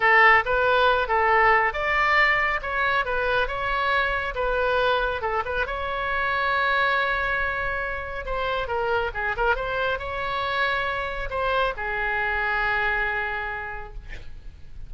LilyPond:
\new Staff \with { instrumentName = "oboe" } { \time 4/4 \tempo 4 = 138 a'4 b'4. a'4. | d''2 cis''4 b'4 | cis''2 b'2 | a'8 b'8 cis''2.~ |
cis''2. c''4 | ais'4 gis'8 ais'8 c''4 cis''4~ | cis''2 c''4 gis'4~ | gis'1 | }